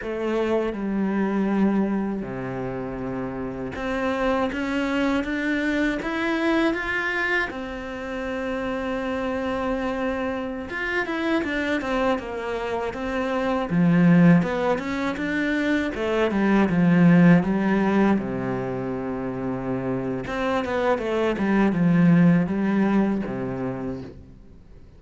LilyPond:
\new Staff \with { instrumentName = "cello" } { \time 4/4 \tempo 4 = 80 a4 g2 c4~ | c4 c'4 cis'4 d'4 | e'4 f'4 c'2~ | c'2~ c'16 f'8 e'8 d'8 c'16~ |
c'16 ais4 c'4 f4 b8 cis'16~ | cis'16 d'4 a8 g8 f4 g8.~ | g16 c2~ c8. c'8 b8 | a8 g8 f4 g4 c4 | }